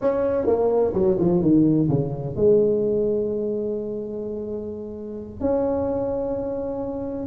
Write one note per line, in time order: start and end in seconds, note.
0.01 0.46 C#4
0.46 0.93 A#3
0.93 1.17 F#3
1.19 1.41 F3
1.41 1.88 D#3
1.89 2.35 C#3
2.36 5.40 G#3
5.40 7.27 C#4